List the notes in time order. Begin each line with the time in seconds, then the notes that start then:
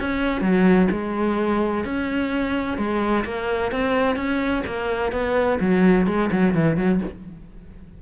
0.00 C#4
0.42 F#3
0.91 G#3
1.85 C#4
2.78 G#3
3.25 A#3
3.72 C4
4.16 C#4
4.67 A#3
5.12 B3
5.61 F#3
6.07 G#3
6.32 F#3
6.55 E3
6.77 F#3